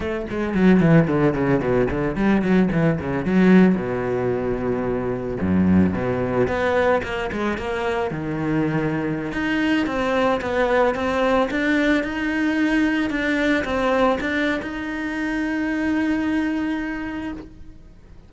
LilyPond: \new Staff \with { instrumentName = "cello" } { \time 4/4 \tempo 4 = 111 a8 gis8 fis8 e8 d8 cis8 b,8 d8 | g8 fis8 e8 cis8 fis4 b,4~ | b,2 fis,4 b,4 | b4 ais8 gis8 ais4 dis4~ |
dis4~ dis16 dis'4 c'4 b8.~ | b16 c'4 d'4 dis'4.~ dis'16~ | dis'16 d'4 c'4 d'8. dis'4~ | dis'1 | }